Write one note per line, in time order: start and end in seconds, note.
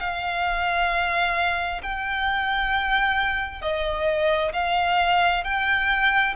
0.00 1.82 F5
1.83 3.62 G5
3.62 4.53 D#5
4.53 5.44 F5
5.45 6.36 G5